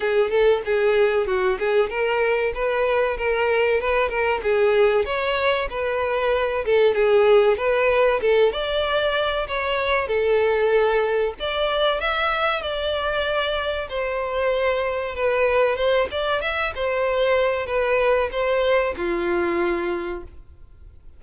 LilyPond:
\new Staff \with { instrumentName = "violin" } { \time 4/4 \tempo 4 = 95 gis'8 a'8 gis'4 fis'8 gis'8 ais'4 | b'4 ais'4 b'8 ais'8 gis'4 | cis''4 b'4. a'8 gis'4 | b'4 a'8 d''4. cis''4 |
a'2 d''4 e''4 | d''2 c''2 | b'4 c''8 d''8 e''8 c''4. | b'4 c''4 f'2 | }